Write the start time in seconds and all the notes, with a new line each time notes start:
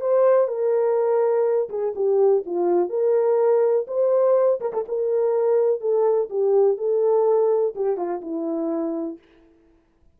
0.00 C5
0.48 A#4
1.69 G#4
1.95 G4
2.45 F4
2.89 A#4
3.87 C5
4.60 A#4
4.72 A4
4.88 A#4
5.80 A4
6.29 G4
6.77 A4
7.75 G4
7.96 F4
8.21 E4